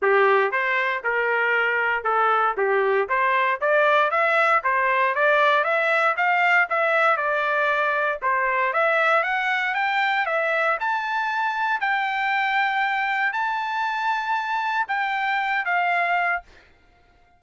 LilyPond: \new Staff \with { instrumentName = "trumpet" } { \time 4/4 \tempo 4 = 117 g'4 c''4 ais'2 | a'4 g'4 c''4 d''4 | e''4 c''4 d''4 e''4 | f''4 e''4 d''2 |
c''4 e''4 fis''4 g''4 | e''4 a''2 g''4~ | g''2 a''2~ | a''4 g''4. f''4. | }